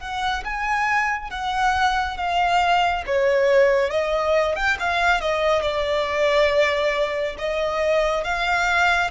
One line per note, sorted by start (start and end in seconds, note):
0.00 0.43 F#5
0.44 1.30 G#5
1.30 2.17 F#5
2.17 3.04 F5
3.06 3.90 C#5
3.90 4.55 D#5
4.56 4.77 G5
4.80 5.21 F5
5.21 5.62 D#5
5.62 7.36 D5
7.38 8.24 D#5
8.24 9.11 F5